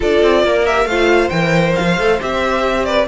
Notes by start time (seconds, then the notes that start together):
0.00 D4 F4 A4 D5
0.22 C4
0.43 A#3 A#4
0.66 G4 E5
0.85 A3 F4 C5 F5
1.29 E3 A#4 G5
1.75 F3 F5
1.97 A3 A4
2.19 C4 G4 E5
2.84 B4 D5